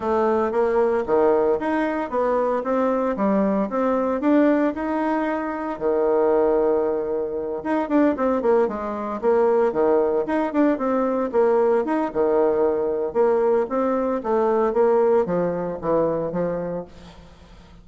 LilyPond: \new Staff \with { instrumentName = "bassoon" } { \time 4/4 \tempo 4 = 114 a4 ais4 dis4 dis'4 | b4 c'4 g4 c'4 | d'4 dis'2 dis4~ | dis2~ dis8 dis'8 d'8 c'8 |
ais8 gis4 ais4 dis4 dis'8 | d'8 c'4 ais4 dis'8 dis4~ | dis4 ais4 c'4 a4 | ais4 f4 e4 f4 | }